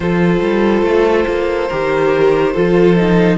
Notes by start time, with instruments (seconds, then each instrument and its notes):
0.00 cello F3, viola F4, violin A4 C5
0.41 cello G3
0.83 cello A3
1.27 cello A#3
1.68 cello D#3, viola G4, violin A#4
2.53 cello F3, viola F4, violin A4
2.96 viola D#4